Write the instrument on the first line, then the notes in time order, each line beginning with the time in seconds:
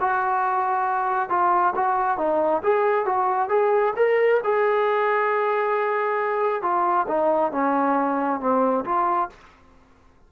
trombone
0.00 F#4
1.29 F4
1.75 F#4
2.17 D#4
2.63 G#4
3.05 F#4
3.49 G#4
3.96 A#4
4.43 G#4
6.62 F4
7.08 D#4
7.52 C#4
8.40 C4
8.85 F4